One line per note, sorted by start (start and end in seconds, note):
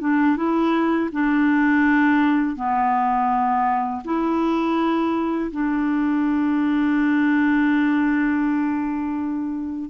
0.00 0.37 D4
0.37 1.10 E4
1.12 2.56 D4
2.56 4.02 B3
4.04 5.51 E4
5.51 9.90 D4